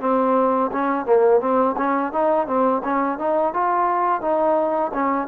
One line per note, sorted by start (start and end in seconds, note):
0.00 0.71 C4
0.72 1.06 C#4
1.06 1.41 A#3
1.41 1.76 C4
1.77 2.12 C#4
2.12 2.46 D#4
2.46 2.82 C4
2.84 3.19 C#4
3.19 3.53 D#4
3.53 4.21 F4
4.21 4.92 D#4
4.93 5.27 C#4